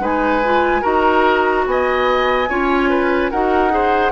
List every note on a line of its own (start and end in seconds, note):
0.00 0.82 G#3
0.00 0.41 D#4
0.00 0.82 B4
0.00 0.83 G#5
0.45 0.82 F4
0.82 1.66 D#4
0.82 2.46 F#4
0.82 1.64 A#4
0.82 1.66 A#5
1.66 2.49 B3
1.66 2.49 D#5
1.66 3.31 G#5
2.49 3.32 C#4
2.49 3.32 F4
2.49 2.90 C#5
2.90 3.31 B4
3.31 4.12 D#4
3.31 3.70 F#4
3.31 3.72 A#4
3.31 4.12 F#5
3.70 4.11 G#4
3.70 4.12 C5